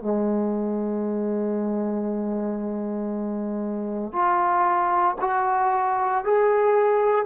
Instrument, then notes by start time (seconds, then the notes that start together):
trombone
0.00 G#3
4.13 F4
5.21 F#4
6.25 G#4